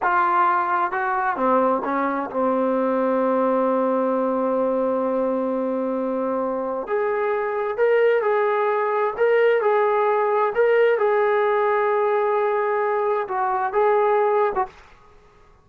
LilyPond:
\new Staff \with { instrumentName = "trombone" } { \time 4/4 \tempo 4 = 131 f'2 fis'4 c'4 | cis'4 c'2.~ | c'1~ | c'2. gis'4~ |
gis'4 ais'4 gis'2 | ais'4 gis'2 ais'4 | gis'1~ | gis'4 fis'4 gis'4.~ gis'16 fis'16 | }